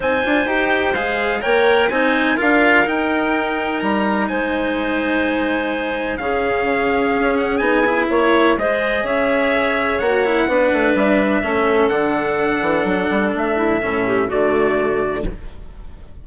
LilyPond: <<
  \new Staff \with { instrumentName = "trumpet" } { \time 4/4 \tempo 4 = 126 gis''4 g''4 f''4 g''4 | gis''4 f''4 g''2 | ais''4 gis''2.~ | gis''4 f''2~ f''8 fis''8 |
gis''4 cis''4 dis''4 e''4~ | e''4 fis''2 e''4~ | e''4 fis''2. | e''2 d''2 | }
  \new Staff \with { instrumentName = "clarinet" } { \time 4/4 c''2. cis''4 | c''4 ais'2.~ | ais'4 c''2.~ | c''4 gis'2.~ |
gis'4 cis''4 c''4 cis''4~ | cis''2 b'2 | a'1~ | a'8 e'8 a'8 g'8 fis'2 | }
  \new Staff \with { instrumentName = "cello" } { \time 4/4 dis'8 f'8 g'4 gis'4 ais'4 | dis'4 f'4 dis'2~ | dis'1~ | dis'4 cis'2. |
dis'8 e'4. gis'2~ | gis'4 fis'8 e'8 d'2 | cis'4 d'2.~ | d'4 cis'4 a2 | }
  \new Staff \with { instrumentName = "bassoon" } { \time 4/4 c'8 d'8 dis'4 gis4 ais4 | c'4 d'4 dis'2 | g4 gis2.~ | gis4 cis2 cis'4 |
b4 ais4 gis4 cis'4~ | cis'4 ais4 b8 a8 g4 | a4 d4. e8 fis8 g8 | a4 a,4 d2 | }
>>